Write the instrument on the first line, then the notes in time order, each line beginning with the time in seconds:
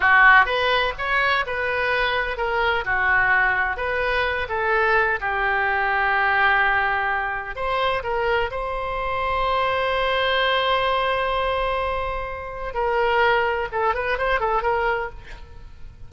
oboe
0.00 F#4
0.45 B4
0.97 C#5
1.46 B4
2.37 A#4
2.85 F#4
3.76 B4
4.48 A4
5.20 G4
7.55 C5
8.03 A#4
8.51 C5
12.73 A#4
13.72 A4
13.94 B4
14.18 C5
14.40 A4
14.62 A#4